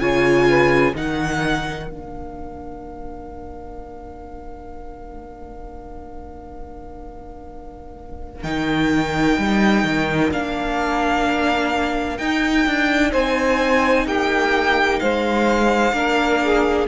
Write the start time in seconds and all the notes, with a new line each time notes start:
0.00 C#3 F4 C#5 G#5
0.49 B4
0.94 D#3 D#4 A#4 F#5
1.88 A#3 D4 F5
8.43 D#3 D#4 G5
9.38 G3
9.84 D#3
10.31 A#3 D4 F5
12.18 D#4 G5
12.66 D4
13.12 C4 C5 G#5
14.06 A#3 G4 G5
15.00 G#3 C5 F5
15.93 A#3 D4 A#4
16.43 G#4